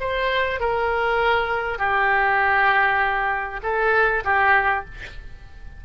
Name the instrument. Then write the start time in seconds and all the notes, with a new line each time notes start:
oboe
0.00 C5
0.60 A#4
1.79 G4
3.63 A4
4.24 G4